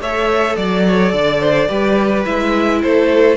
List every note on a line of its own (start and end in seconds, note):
0.00 0.56 A3
0.00 1.68 A4
0.00 0.57 C#5
0.00 0.56 E5
0.56 1.12 F#3
0.56 2.24 D5
0.56 0.86 D5
0.87 1.12 C#5
1.12 1.69 D3
1.12 1.40 D5
1.40 1.68 C5
1.68 2.26 G3
1.68 2.25 G4
1.68 2.80 B4
2.25 2.83 G#3
2.25 3.37 E4
2.25 2.81 E5
2.82 3.37 A3
2.82 3.37 A4
2.82 3.37 C5